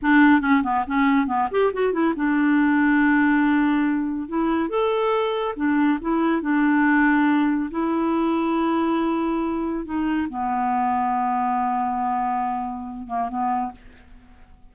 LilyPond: \new Staff \with { instrumentName = "clarinet" } { \time 4/4 \tempo 4 = 140 d'4 cis'8 b8 cis'4 b8 g'8 | fis'8 e'8 d'2.~ | d'2 e'4 a'4~ | a'4 d'4 e'4 d'4~ |
d'2 e'2~ | e'2. dis'4 | b1~ | b2~ b8 ais8 b4 | }